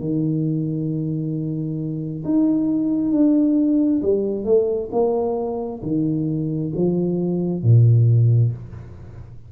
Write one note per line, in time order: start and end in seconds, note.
0.00 2.24 D#3
2.25 3.12 D#4
3.12 4.01 D4
4.02 4.45 G3
4.45 4.90 A3
4.92 5.82 A#3
5.82 6.72 D#3
6.76 7.62 F3
7.62 8.52 A#2